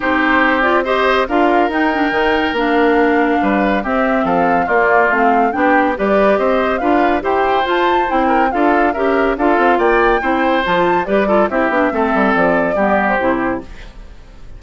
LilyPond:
<<
  \new Staff \with { instrumentName = "flute" } { \time 4/4 \tempo 4 = 141 c''4. d''8 dis''4 f''4 | g''2 f''2~ | f''4 e''4 f''4 d''4 | f''4 g''4 d''4 dis''4 |
f''4 g''4 a''4 g''4 | f''4 e''4 f''4 g''4~ | g''4 a''4 d''4 e''4~ | e''4 d''4.~ d''16 c''4~ c''16 | }
  \new Staff \with { instrumentName = "oboe" } { \time 4/4 g'2 c''4 ais'4~ | ais'1 | b'4 g'4 a'4 f'4~ | f'4 g'4 b'4 c''4 |
b'4 c''2~ c''8 ais'8 | a'4 ais'4 a'4 d''4 | c''2 b'8 a'8 g'4 | a'2 g'2 | }
  \new Staff \with { instrumentName = "clarinet" } { \time 4/4 dis'4. f'8 g'4 f'4 | dis'8 d'8 dis'4 d'2~ | d'4 c'2 ais4 | c'4 d'4 g'2 |
f'4 g'4 f'4 e'4 | f'4 g'4 f'2 | e'4 f'4 g'8 f'8 e'8 d'8 | c'2 b4 e'4 | }
  \new Staff \with { instrumentName = "bassoon" } { \time 4/4 c'2. d'4 | dis'4 dis4 ais2 | g4 c'4 f4 ais4 | a4 b4 g4 c'4 |
d'4 e'4 f'4 c'4 | d'4 cis'4 d'8 c'8 ais4 | c'4 f4 g4 c'8 b8 | a8 g8 f4 g4 c4 | }
>>